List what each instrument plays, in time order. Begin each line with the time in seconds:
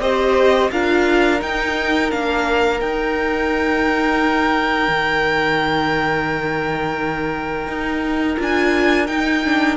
0.00 cello C4, viola G4, violin C5 D#5
0.71 cello D4, viola F4, violin A#4 F5
1.39 viola D#4, cello D#4, violin G5
2.11 cello A#3, viola D4, violin F5
2.80 viola D#4, cello D#4, violin G5
4.88 cello D#3
7.68 cello D#4
8.37 cello D4, viola F4, violin G#5
9.07 cello D#4, viola D#4, violin G5
9.44 viola D4